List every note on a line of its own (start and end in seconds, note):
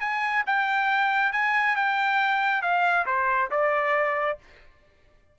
0.00 0.44 G#5
0.46 1.33 G5
1.33 1.76 G#5
1.76 2.62 G5
2.62 3.06 F5
3.06 3.50 C5
3.51 4.38 D5